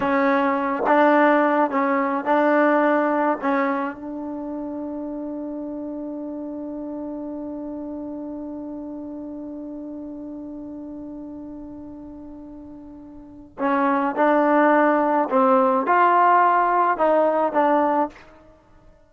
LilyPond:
\new Staff \with { instrumentName = "trombone" } { \time 4/4 \tempo 4 = 106 cis'4. d'4. cis'4 | d'2 cis'4 d'4~ | d'1~ | d'1~ |
d'1~ | d'1 | cis'4 d'2 c'4 | f'2 dis'4 d'4 | }